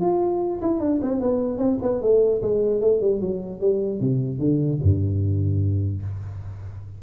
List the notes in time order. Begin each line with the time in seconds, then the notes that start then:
0.00 F4
0.61 E4
0.80 D4
1.02 C4
1.20 B3
1.57 C4
1.81 B3
2.01 A3
2.42 G#3
2.81 A3
3.00 G3
3.20 F#3
3.60 G3
4.00 C3
4.38 D3
4.82 G2